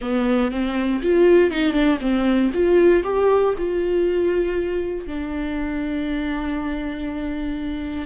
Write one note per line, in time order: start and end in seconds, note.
0.01 0.51 B3
0.51 1.01 C4
1.02 1.50 F4
1.50 1.73 D#4
1.73 1.98 D4
2.00 2.51 C4
2.53 3.03 F4
3.03 3.54 G4
3.57 5.06 F4
5.06 8.06 D4